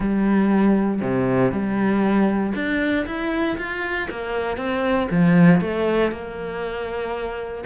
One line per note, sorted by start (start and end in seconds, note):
0.00 1.01 G3
1.01 1.51 C3
1.51 2.53 G3
2.54 3.05 D4
3.06 3.57 E4
3.57 4.08 F4
4.10 4.57 A#3
4.57 5.08 C4
5.10 5.60 F3
5.60 6.11 A3
6.11 7.64 A#3